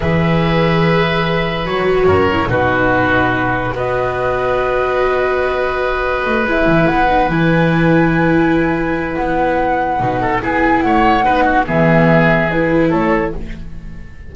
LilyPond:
<<
  \new Staff \with { instrumentName = "flute" } { \time 4/4 \tempo 4 = 144 e''1 | cis''2 b'2~ | b'4 dis''2.~ | dis''2.~ dis''8 e''8~ |
e''8 fis''4 gis''2~ gis''8~ | gis''2 fis''2~ | fis''4 gis''4 fis''2 | e''2 b'4 cis''4 | }
  \new Staff \with { instrumentName = "oboe" } { \time 4/4 b'1~ | b'4 ais'4 fis'2~ | fis'4 b'2.~ | b'1~ |
b'1~ | b'1~ | b'8 a'8 gis'4 cis''4 b'8 fis'8 | gis'2. a'4 | }
  \new Staff \with { instrumentName = "viola" } { \time 4/4 gis'1 | fis'4. e'8 dis'2~ | dis'4 fis'2.~ | fis'2.~ fis'8 e'8~ |
e'4 dis'8 e'2~ e'8~ | e'1 | dis'4 e'2 dis'4 | b2 e'2 | }
  \new Staff \with { instrumentName = "double bass" } { \time 4/4 e1 | fis4 fis,4 b,2~ | b,4 b2.~ | b2. a8 gis8 |
e8 b4 e2~ e8~ | e2 b2 | b,4 b4 a4 b4 | e2. a4 | }
>>